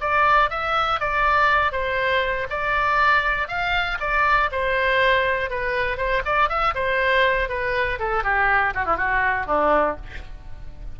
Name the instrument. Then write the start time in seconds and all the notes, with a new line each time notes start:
oboe
0.00 D5
0.50 E5
1.00 D5
1.72 C5
2.50 D5
3.47 F5
4.00 D5
4.51 C5
5.49 B4
5.97 C5
6.25 D5
6.49 E5
6.75 C5
7.48 B4
7.99 A4
8.23 G4
8.74 F#4
8.85 E4
8.97 F#4
9.46 D4